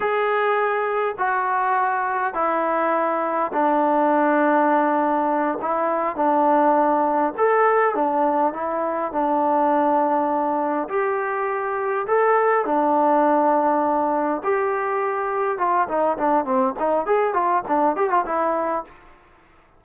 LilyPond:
\new Staff \with { instrumentName = "trombone" } { \time 4/4 \tempo 4 = 102 gis'2 fis'2 | e'2 d'2~ | d'4. e'4 d'4.~ | d'8 a'4 d'4 e'4 d'8~ |
d'2~ d'8 g'4.~ | g'8 a'4 d'2~ d'8~ | d'8 g'2 f'8 dis'8 d'8 | c'8 dis'8 gis'8 f'8 d'8 g'16 f'16 e'4 | }